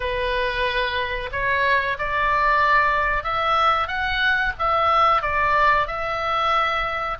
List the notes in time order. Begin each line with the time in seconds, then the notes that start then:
0.00 B4
1.32 C#5
1.98 D5
3.23 E5
3.87 F#5
4.58 E5
5.21 D5
5.87 E5